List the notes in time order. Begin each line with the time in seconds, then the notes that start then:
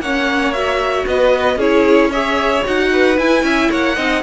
0.00 A#3 C#4 C#5 F#5
0.53 F#4 E5
1.07 B3 B4 D#5
1.56 C#4 E4 G#4 C#5
2.11 G#4 C#5 E5
2.64 D#4 F#4 F#5
2.93 B4
3.17 E4 G#5
3.43 C#4 E5
3.70 A#3 C#5 F#5
3.96 C4 D#4 D#5